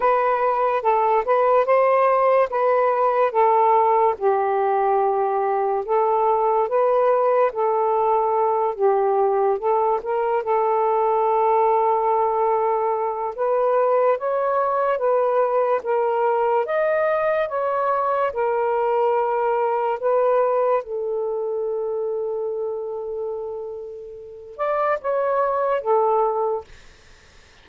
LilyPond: \new Staff \with { instrumentName = "saxophone" } { \time 4/4 \tempo 4 = 72 b'4 a'8 b'8 c''4 b'4 | a'4 g'2 a'4 | b'4 a'4. g'4 a'8 | ais'8 a'2.~ a'8 |
b'4 cis''4 b'4 ais'4 | dis''4 cis''4 ais'2 | b'4 a'2.~ | a'4. d''8 cis''4 a'4 | }